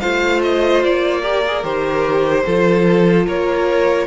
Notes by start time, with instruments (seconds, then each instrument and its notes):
0.00 cello A3, viola F4, violin C5 F5
0.42 violin D#5
0.84 cello A#3, violin D5
1.22 viola G4, violin A#4
1.47 viola G#4
1.63 cello D#3, viola G4, violin C5
2.45 cello F3, viola F4, violin A4
3.26 cello A#3, violin A#4 C#5